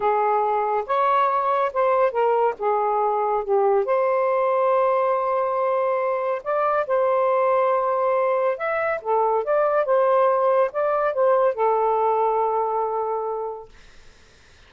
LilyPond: \new Staff \with { instrumentName = "saxophone" } { \time 4/4 \tempo 4 = 140 gis'2 cis''2 | c''4 ais'4 gis'2 | g'4 c''2.~ | c''2. d''4 |
c''1 | e''4 a'4 d''4 c''4~ | c''4 d''4 c''4 a'4~ | a'1 | }